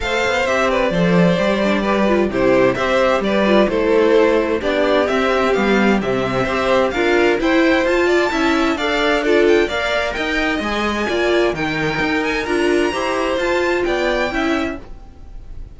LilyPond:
<<
  \new Staff \with { instrumentName = "violin" } { \time 4/4 \tempo 4 = 130 f''4 e''8 d''2~ d''8~ | d''4 c''4 e''4 d''4 | c''2 d''4 e''4 | f''4 e''2 f''4 |
g''4 a''2 f''4 | d''8 g''8 f''4 g''4 gis''4~ | gis''4 g''4. gis''8 ais''4~ | ais''4 a''4 g''2 | }
  \new Staff \with { instrumentName = "violin" } { \time 4/4 c''4. b'8 c''2 | b'4 g'4 c''4 b'4 | a'2 g'2~ | g'2 c''4 ais'4 |
c''4. d''8 e''4 d''4 | a'4 d''4 dis''2 | d''4 ais'2. | c''2 d''4 e''4 | }
  \new Staff \with { instrumentName = "viola" } { \time 4/4 a'4 g'4 a'4 g'8 d'8 | g'8 f'8 e'4 g'4. f'8 | e'2 d'4 c'4 | b4 c'4 g'4 f'4 |
e'4 f'4 e'4 a'4 | f'4 ais'2 gis'4 | f'4 dis'2 f'4 | g'4 f'2 e'4 | }
  \new Staff \with { instrumentName = "cello" } { \time 4/4 a8 b8 c'4 f4 g4~ | g4 c4 c'4 g4 | a2 b4 c'4 | g4 c4 c'4 d'4 |
e'4 f'4 cis'4 d'4~ | d'4 ais4 dis'4 gis4 | ais4 dis4 dis'4 d'4 | e'4 f'4 b4 cis'4 | }
>>